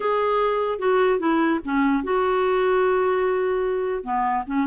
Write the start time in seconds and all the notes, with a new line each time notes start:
0.00 G#4
0.78 F#4
1.19 E4
1.64 C#4
2.03 F#4
4.03 B3
4.46 C#4